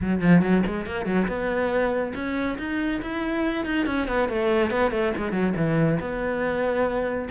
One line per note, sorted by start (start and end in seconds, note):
0.01 0.21 F#3
0.21 0.41 F3
0.41 0.63 F#3
0.66 0.86 G#3
0.86 1.05 A#3
1.05 1.27 F#3
1.27 2.13 B3
2.14 2.57 C#4
2.58 3.01 D#4
3.01 3.65 E4
3.65 3.86 D#4
3.86 4.07 C#4
4.07 4.29 B3
4.29 4.70 A3
4.70 4.91 B3
4.91 5.12 A3
5.17 5.31 G#3
5.31 5.53 F#3
5.56 5.99 E3
6.00 7.28 B3